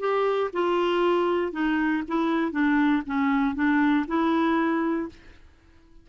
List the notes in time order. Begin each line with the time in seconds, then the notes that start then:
0.00 G4
0.53 F4
1.52 D#4
2.08 E4
2.52 D4
3.06 C#4
3.55 D4
4.07 E4